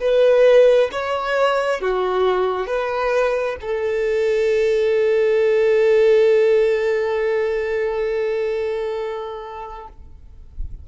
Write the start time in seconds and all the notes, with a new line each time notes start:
0.00 B4
0.92 C#5
1.81 F#4
2.67 B4
3.61 A4